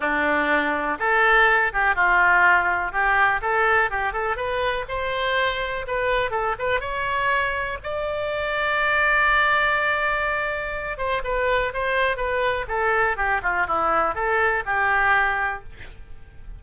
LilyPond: \new Staff \with { instrumentName = "oboe" } { \time 4/4 \tempo 4 = 123 d'2 a'4. g'8 | f'2 g'4 a'4 | g'8 a'8 b'4 c''2 | b'4 a'8 b'8 cis''2 |
d''1~ | d''2~ d''8 c''8 b'4 | c''4 b'4 a'4 g'8 f'8 | e'4 a'4 g'2 | }